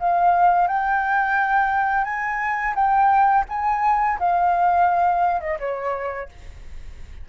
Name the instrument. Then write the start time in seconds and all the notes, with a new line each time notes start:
flute
0.00 F5
0.68 G5
2.05 G#5
2.75 G5
3.49 G#5
4.20 F5
5.41 D#5
5.59 C#5